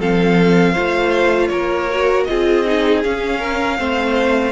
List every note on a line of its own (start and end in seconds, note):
0.00 0.76 F3
0.00 0.75 C4
0.00 0.73 A4
0.00 1.48 F5
0.73 1.50 A3
0.73 1.89 F4
0.73 1.49 C5
1.48 2.26 A#3
1.48 2.28 A#4
1.48 2.24 C#5
1.91 2.29 F#4
2.25 3.06 C4
2.25 2.66 F4
2.25 3.39 G#4
2.25 3.01 D#5
2.66 3.04 D#4
3.04 3.78 C#4
3.04 3.80 C#4
3.04 4.52 F5
3.39 3.77 A#4
3.78 4.52 A3
3.78 4.52 C4
3.78 4.52 C5